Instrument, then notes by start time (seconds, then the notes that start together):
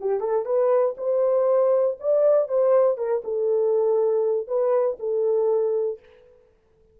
horn
0.00 G4
0.20 A4
0.45 B4
0.97 C5
2.00 D5
2.48 C5
2.97 A#4
3.24 A4
4.47 B4
4.99 A4